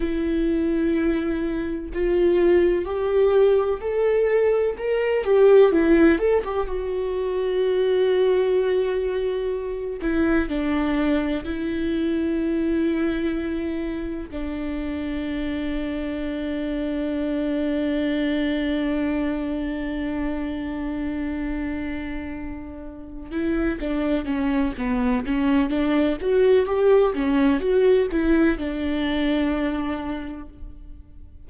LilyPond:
\new Staff \with { instrumentName = "viola" } { \time 4/4 \tempo 4 = 63 e'2 f'4 g'4 | a'4 ais'8 g'8 e'8 a'16 g'16 fis'4~ | fis'2~ fis'8 e'8 d'4 | e'2. d'4~ |
d'1~ | d'1~ | d'8 e'8 d'8 cis'8 b8 cis'8 d'8 fis'8 | g'8 cis'8 fis'8 e'8 d'2 | }